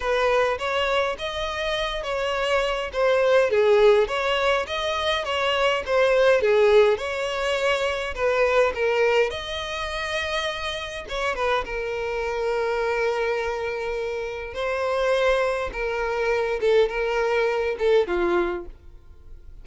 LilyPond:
\new Staff \with { instrumentName = "violin" } { \time 4/4 \tempo 4 = 103 b'4 cis''4 dis''4. cis''8~ | cis''4 c''4 gis'4 cis''4 | dis''4 cis''4 c''4 gis'4 | cis''2 b'4 ais'4 |
dis''2. cis''8 b'8 | ais'1~ | ais'4 c''2 ais'4~ | ais'8 a'8 ais'4. a'8 f'4 | }